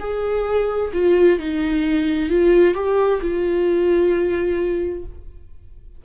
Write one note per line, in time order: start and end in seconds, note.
0.00 0.92 G#4
0.93 1.39 F4
1.39 2.30 D#4
2.30 2.75 F4
2.75 3.21 G4
3.22 5.05 F4